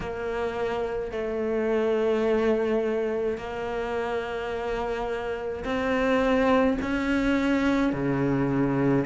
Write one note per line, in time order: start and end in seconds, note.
0.00 1.11 A#3
1.11 3.37 A3
3.37 5.63 A#3
5.64 6.77 C4
6.81 7.92 C#4
7.92 9.05 C#3